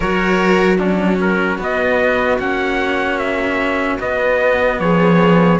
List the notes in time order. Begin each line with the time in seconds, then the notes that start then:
0.00 F#3 F#4 A#4 C#5
0.78 C#4 D4 F#4
1.20 A#4
1.58 B3 D#5
2.39 A#3 C#4 F#5
3.18 E5
3.99 B3 D#5
4.79 F3 G#4 C#5